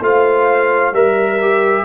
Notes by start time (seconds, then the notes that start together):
0.00 A3 F4 C5 F5
0.92 G3 A#4 E5
1.41 G4